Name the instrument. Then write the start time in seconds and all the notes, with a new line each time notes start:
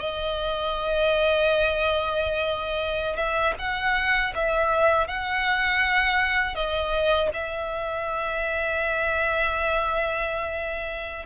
violin
0.00 D#5
3.17 E5
3.59 F#5
4.35 E5
5.08 F#5
6.55 D#5
7.34 E5